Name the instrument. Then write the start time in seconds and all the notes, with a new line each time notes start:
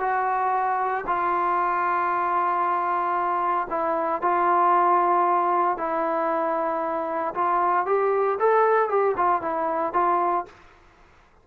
trombone
0.00 F#4
1.07 F4
3.70 E4
4.22 F4
5.78 E4
7.35 F4
7.86 G4
8.40 A4
8.89 G4
9.17 F4
9.42 E4
9.93 F4